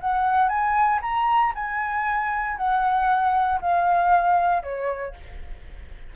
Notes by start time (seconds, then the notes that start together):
0.00 F#5
0.48 G#5
1.02 A#5
1.55 G#5
2.57 F#5
3.61 F5
4.63 C#5